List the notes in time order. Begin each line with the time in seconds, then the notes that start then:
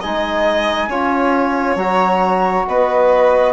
0.00 G#3 D#4 D#5 G#5
0.88 C#4 F4 C#5
1.76 F#3 F#4 A#5
2.67 B3 B4 D#5